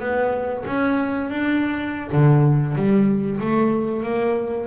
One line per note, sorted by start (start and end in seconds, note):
0.00 0.65 B3
0.67 1.30 C#4
1.30 2.11 D4
2.13 2.76 D3
2.76 3.40 G3
3.41 4.03 A3
4.03 4.67 A#3